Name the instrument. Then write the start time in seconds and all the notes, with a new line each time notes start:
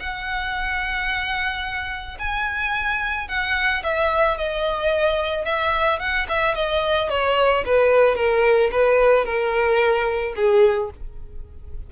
violin
0.00 F#5
2.19 G#5
3.28 F#5
3.84 E5
4.38 D#5
5.45 E5
6.00 F#5
6.29 E5
6.55 D#5
7.10 C#5
7.66 B4
8.16 A#4
8.72 B4
9.26 A#4
10.36 G#4